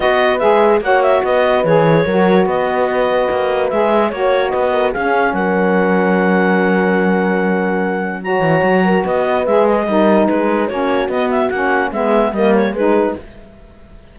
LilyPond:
<<
  \new Staff \with { instrumentName = "clarinet" } { \time 4/4 \tempo 4 = 146 dis''4 e''4 fis''8 e''8 dis''4 | cis''2 dis''2~ | dis''4 e''4 cis''4 dis''4 | f''4 fis''2.~ |
fis''1 | ais''2 dis''4 e''8 dis''8~ | dis''4 b'4 cis''4 dis''8 e''8 | fis''4 e''4 dis''8 cis''8 b'4 | }
  \new Staff \with { instrumentName = "horn" } { \time 4/4 b'2 cis''4 b'4~ | b'4 ais'4 b'2~ | b'2 cis''4 b'8 ais'8 | gis'4 ais'2.~ |
ais'1 | cis''4. ais'8 b'2 | ais'4 gis'4 fis'2~ | fis'4 gis'4 ais'4 gis'4 | }
  \new Staff \with { instrumentName = "saxophone" } { \time 4/4 fis'4 gis'4 fis'2 | gis'4 fis'2.~ | fis'4 gis'4 fis'2 | cis'1~ |
cis'1 | fis'2. gis'4 | dis'2 cis'4 b4 | cis'4 b4 ais4 dis'4 | }
  \new Staff \with { instrumentName = "cello" } { \time 4/4 b4 gis4 ais4 b4 | e4 fis4 b2 | ais4 gis4 ais4 b4 | cis'4 fis2.~ |
fis1~ | fis8 e8 fis4 b4 gis4 | g4 gis4 ais4 b4 | ais4 gis4 g4 gis4 | }
>>